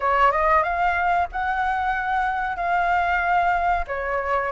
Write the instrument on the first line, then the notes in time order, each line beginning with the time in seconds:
flute
0.00 C#5
0.31 D#5
0.63 F5
1.32 F#5
2.56 F5
3.87 C#5